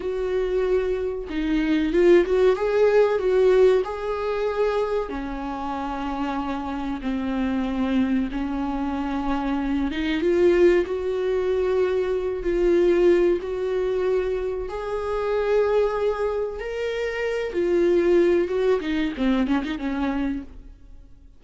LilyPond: \new Staff \with { instrumentName = "viola" } { \time 4/4 \tempo 4 = 94 fis'2 dis'4 f'8 fis'8 | gis'4 fis'4 gis'2 | cis'2. c'4~ | c'4 cis'2~ cis'8 dis'8 |
f'4 fis'2~ fis'8 f'8~ | f'4 fis'2 gis'4~ | gis'2 ais'4. f'8~ | f'4 fis'8 dis'8 c'8 cis'16 dis'16 cis'4 | }